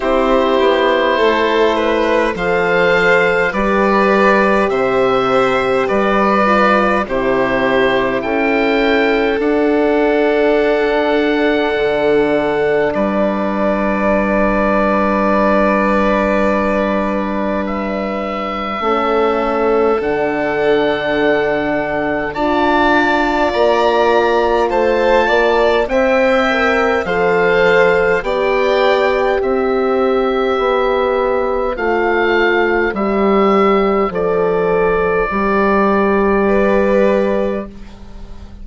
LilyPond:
<<
  \new Staff \with { instrumentName = "oboe" } { \time 4/4 \tempo 4 = 51 c''2 f''4 d''4 | e''4 d''4 c''4 g''4 | fis''2. d''4~ | d''2. e''4~ |
e''4 fis''2 a''4 | ais''4 a''4 g''4 f''4 | g''4 e''2 f''4 | e''4 d''2. | }
  \new Staff \with { instrumentName = "violin" } { \time 4/4 g'4 a'8 b'8 c''4 b'4 | c''4 b'4 g'4 a'4~ | a'2. b'4~ | b'1 |
a'2. d''4~ | d''4 c''8 d''8 e''4 c''4 | d''4 c''2.~ | c''2. b'4 | }
  \new Staff \with { instrumentName = "horn" } { \time 4/4 e'2 a'4 g'4~ | g'4. f'8 e'2 | d'1~ | d'1 |
cis'4 d'2 f'4~ | f'2 c''8 ais'8 a'4 | g'2. f'4 | g'4 a'4 g'2 | }
  \new Staff \with { instrumentName = "bassoon" } { \time 4/4 c'8 b8 a4 f4 g4 | c4 g4 c4 cis'4 | d'2 d4 g4~ | g1 |
a4 d2 d'4 | ais4 a8 ais8 c'4 f4 | b4 c'4 b4 a4 | g4 f4 g2 | }
>>